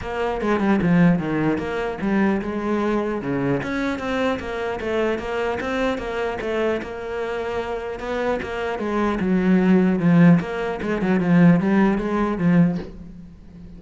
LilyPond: \new Staff \with { instrumentName = "cello" } { \time 4/4 \tempo 4 = 150 ais4 gis8 g8 f4 dis4 | ais4 g4 gis2 | cis4 cis'4 c'4 ais4 | a4 ais4 c'4 ais4 |
a4 ais2. | b4 ais4 gis4 fis4~ | fis4 f4 ais4 gis8 fis8 | f4 g4 gis4 f4 | }